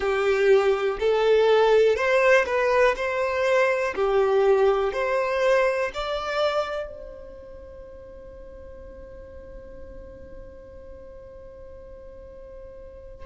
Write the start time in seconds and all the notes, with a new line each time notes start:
0.00 G4
0.99 A4
1.96 C5
2.45 B4
2.96 C5
3.95 G4
4.92 C5
5.93 D5
6.86 C5